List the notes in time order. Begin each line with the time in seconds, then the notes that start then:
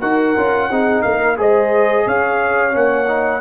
0.00 D#4 F#4 A#4 F#5
0.36 C#4 F4
0.70 C4 D#4 G#4
1.03 A#3 A#4 F5
1.37 G#3 G#4 C5 D#5
2.06 C#4 C#5 F5
2.72 A#3 C#4 F#5
3.08 D#4